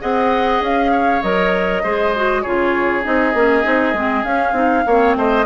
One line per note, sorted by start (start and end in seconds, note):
0.00 0.60 C4
0.00 1.21 G#4
0.00 0.91 D#5
0.00 0.62 F#5
0.60 1.21 C#4
0.60 1.22 F5
0.91 1.82 C#5
1.22 1.83 F#3
1.22 1.84 A#4
1.22 2.42 D#5
1.83 2.44 G#3
1.83 2.14 G#4
1.83 2.42 C5
2.15 2.45 F#4
2.42 3.05 C#3
2.42 3.02 F4
2.42 4.84 G#4
2.42 3.02 C#5
3.02 3.34 C4
3.02 3.33 D#4
3.02 4.24 D#5
3.34 3.64 A#3
3.34 3.63 C#4
3.63 3.93 C4
3.63 3.93 D#4
3.93 4.23 G#3
3.93 4.25 C4
4.23 4.52 C#4
4.23 4.53 C#4
4.23 5.15 F5
4.52 4.82 C4
4.52 4.84 D#4
4.86 5.16 A#3
4.86 5.45 C4
4.86 5.16 C#5
5.16 5.45 A3
5.16 5.45 C5
5.16 5.45 D#5